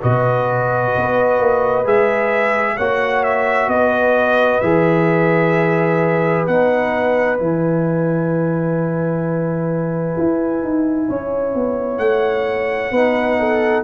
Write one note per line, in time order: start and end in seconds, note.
0.00 0.95 B2
0.00 1.84 F#4
0.00 2.76 B4
0.00 1.87 D#5
0.96 1.39 B3
1.39 1.85 A#3
1.84 2.77 G#3
1.84 2.77 G#4
1.84 2.77 E5
2.76 3.67 A#3
2.76 4.62 F#4
2.76 3.68 C#5
2.76 3.23 F#5
3.23 3.69 E5
3.67 4.60 B3
3.67 11.08 B4
3.67 4.60 D#5
4.60 6.47 E3
4.60 6.47 G#4
4.60 6.45 E5
6.47 7.40 B3
6.47 7.38 D#4
6.47 7.38 F#5
7.38 10.17 E3
7.38 12.92 E4
7.38 11.98 G#5
10.17 10.62 E4
10.62 11.09 D#4
11.08 11.54 C#4
11.08 12.92 C#5
11.54 11.98 B3
11.98 12.91 A3
11.98 13.83 F#5
12.91 13.83 B3
12.91 13.84 D#4
12.91 13.38 B4
13.39 13.84 A4